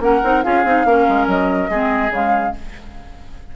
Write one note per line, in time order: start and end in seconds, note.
0.00 0.21 A#3
0.00 0.21 C#4
0.00 0.45 A#4
0.00 0.43 F#5
0.24 0.45 C4
0.24 0.44 D#4
0.43 0.65 C#4
0.43 0.65 F4
0.43 0.87 G#4
0.43 1.28 F5
0.65 0.85 C4
0.65 0.86 D#4
0.85 1.06 A#3
0.85 1.71 C#4
0.85 1.71 A#4
1.09 1.27 G#3
1.27 1.69 F#3
1.27 2.13 D#5
1.70 2.10 G#3
1.70 2.11 C4
1.70 2.55 G#4
2.10 2.53 C#3
2.10 2.53 G#3
2.10 2.56 F5